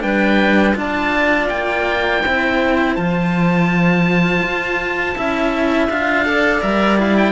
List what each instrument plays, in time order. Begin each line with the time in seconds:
0.00 cello G3 D4, clarinet B4, oboe G5
0.75 cello D4 F4, clarinet D5, oboe A5
1.49 cello A#3, oboe G5
2.24 cello C4 E4, clarinet C5
2.95 cello F3 F4, oboe A5
4.43 cello F4
5.15 cello C#4 E4, clarinet E5
5.89 cello D4 F4, oboe F5
6.25 cello A4, clarinet D5
6.61 cello G3 A#4, oboe E5
6.98 cello E4, oboe F5
7.17 oboe G5